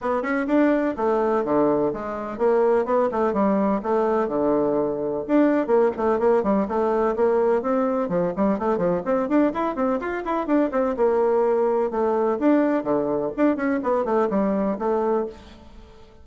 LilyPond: \new Staff \with { instrumentName = "bassoon" } { \time 4/4 \tempo 4 = 126 b8 cis'8 d'4 a4 d4 | gis4 ais4 b8 a8 g4 | a4 d2 d'4 | ais8 a8 ais8 g8 a4 ais4 |
c'4 f8 g8 a8 f8 c'8 d'8 | e'8 c'8 f'8 e'8 d'8 c'8 ais4~ | ais4 a4 d'4 d4 | d'8 cis'8 b8 a8 g4 a4 | }